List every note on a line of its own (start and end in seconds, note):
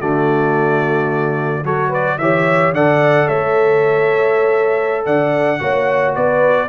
0.00 1.64 D3
0.00 1.64 A3
0.00 1.64 F#4
0.00 1.64 D5
1.64 2.18 F#3
1.64 2.19 F#4
1.64 1.89 A4
1.64 1.92 C#5
1.89 2.16 B4
1.89 2.18 D5
2.18 2.72 E3
2.18 2.75 G4
2.18 2.74 C#5
2.18 2.72 E5
2.72 3.27 D3
2.72 5.59 A4
2.72 3.27 D5
2.72 3.28 F#5
3.27 5.06 A3
3.27 5.05 C#5
3.27 5.05 E5
5.06 5.60 D3
5.06 5.60 D5
5.06 6.15 F#5
5.59 6.15 A#3
5.59 6.68 F#4
5.59 6.15 C#5
6.15 6.69 B3
6.15 6.69 B4
6.15 6.69 D5